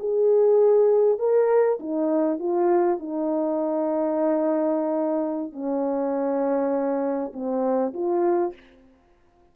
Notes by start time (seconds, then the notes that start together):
0.00 G#4
1.19 A#4
1.80 D#4
2.39 F4
3.00 D#4
5.53 C#4
7.33 C4
7.94 F4